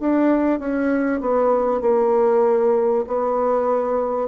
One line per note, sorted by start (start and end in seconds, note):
0.00 0.59 D4
0.59 1.21 C#4
1.21 1.81 B3
1.81 3.05 A#3
3.07 4.28 B3